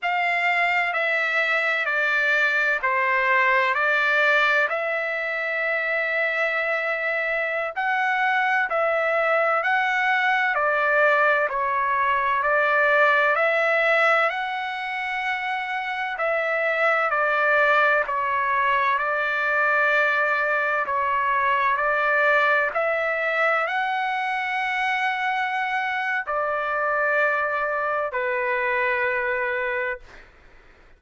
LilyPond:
\new Staff \with { instrumentName = "trumpet" } { \time 4/4 \tempo 4 = 64 f''4 e''4 d''4 c''4 | d''4 e''2.~ | e''16 fis''4 e''4 fis''4 d''8.~ | d''16 cis''4 d''4 e''4 fis''8.~ |
fis''4~ fis''16 e''4 d''4 cis''8.~ | cis''16 d''2 cis''4 d''8.~ | d''16 e''4 fis''2~ fis''8. | d''2 b'2 | }